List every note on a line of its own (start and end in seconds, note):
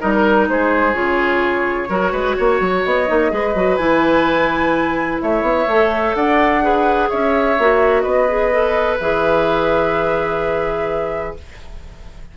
0.00 0.49 G3
0.00 0.94 D#4
0.00 0.48 A#4
0.00 0.13 D#5
0.13 0.49 A#4
0.49 0.95 G#3
0.49 1.89 G#4
0.49 0.94 C5
0.94 1.89 C#3
0.94 1.88 F4
0.94 2.83 C#5
1.89 2.13 F#3
1.89 3.07 F#4
1.89 2.12 A#4
2.12 2.36 G#3
2.12 2.36 B4
2.37 2.60 A#3
2.37 3.32 C#5
2.60 2.84 F#3
2.85 3.09 B3
2.85 3.77 D#5
3.07 3.32 A#3
3.07 3.30 D#4
3.30 3.55 G#3
3.30 3.54 G#4
3.30 5.22 B4
3.55 3.78 F#3
3.55 3.79 F#4
3.77 5.20 E3
3.77 5.68 E4
3.77 5.18 G#5
5.22 5.42 A3
5.22 6.16 C#5
5.22 6.15 E5
5.42 5.65 B3
5.68 6.15 A3
5.68 6.62 A4
6.15 7.10 D4
6.15 6.63 D5
6.15 7.10 F#5
6.62 7.57 G#4
6.62 7.09 B4
7.09 7.59 C#4
7.09 8.03 C#5
7.09 8.01 E5
7.59 8.05 A#3
7.59 8.29 F#4
8.01 8.99 B3
8.01 11.34 B4
8.01 8.96 D#5
8.29 8.53 G#4
8.53 9.00 A4
9.00 11.37 E3
9.00 11.37 G#4
9.00 11.37 E5